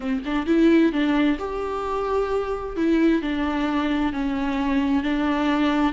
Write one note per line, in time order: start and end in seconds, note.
0.00 0.22 C4
0.25 0.46 D4
0.46 0.92 E4
0.92 1.38 D4
1.38 2.76 G4
2.76 3.21 E4
3.21 4.12 D4
4.12 5.03 C#4
5.03 5.93 D4